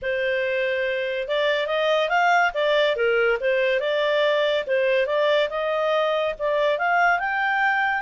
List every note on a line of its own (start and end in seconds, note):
0.01 1.28 C5
1.28 1.67 D5
1.67 2.09 D#5
2.09 2.51 F5
2.54 2.96 D5
2.96 3.38 A#4
3.40 3.80 C5
3.80 4.64 D5
4.66 5.06 C5
5.06 5.48 D5
5.49 6.34 D#5
6.38 6.78 D5
6.78 7.19 F5
7.19 8.01 G5